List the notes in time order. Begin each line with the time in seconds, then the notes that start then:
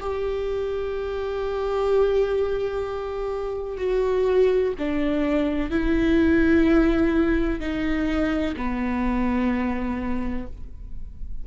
0.00 G4
3.77 F#4
4.78 D4
5.70 E4
7.60 D#4
8.56 B3